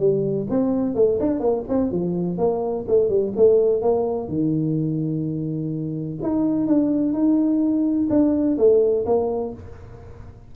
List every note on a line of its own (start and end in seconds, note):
0.00 0.48 G3
0.50 0.95 C4
0.95 1.19 A3
1.20 1.40 D4
1.40 1.64 A#3
1.69 1.92 C4
1.92 2.38 F3
2.38 2.86 A#3
2.88 3.09 A3
3.09 3.33 G3
3.37 3.82 A3
3.82 4.29 A#3
4.29 6.19 D#3
6.23 6.67 D#4
6.67 7.14 D4
7.14 8.09 D#4
8.10 8.58 D4
8.58 9.06 A3
9.06 9.54 A#3